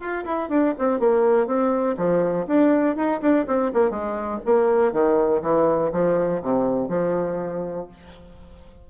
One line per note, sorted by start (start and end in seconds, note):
0.00 0.25 F4
0.25 0.49 E4
0.49 0.74 D4
0.78 1.00 C4
1.00 1.47 A#3
1.47 1.96 C4
1.97 2.46 F3
2.47 2.96 D4
2.96 3.21 D#4
3.21 3.46 D4
3.47 3.72 C4
3.74 3.91 A#3
3.91 4.40 G#3
4.46 4.92 A#3
4.92 5.41 D#3
5.42 5.91 E3
5.93 6.42 F3
6.42 6.88 C3
6.88 7.87 F3